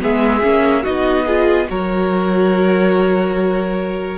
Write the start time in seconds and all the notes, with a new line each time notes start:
0.00 G#3 B3 G#4 E5
0.43 A#3 C#4
0.83 B3 D#4 F#4 D#5
1.26 F4 G#4
1.68 F#3 F#4 A#4 C#5